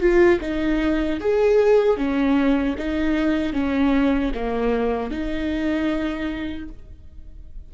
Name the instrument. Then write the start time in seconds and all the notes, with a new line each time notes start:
viola
0.00 F4
0.41 D#4
1.20 G#4
1.97 C#4
2.78 D#4
3.53 C#4
4.35 A#3
5.11 D#4